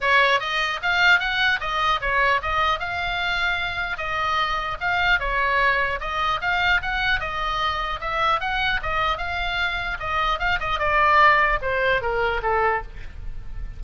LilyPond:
\new Staff \with { instrumentName = "oboe" } { \time 4/4 \tempo 4 = 150 cis''4 dis''4 f''4 fis''4 | dis''4 cis''4 dis''4 f''4~ | f''2 dis''2 | f''4 cis''2 dis''4 |
f''4 fis''4 dis''2 | e''4 fis''4 dis''4 f''4~ | f''4 dis''4 f''8 dis''8 d''4~ | d''4 c''4 ais'4 a'4 | }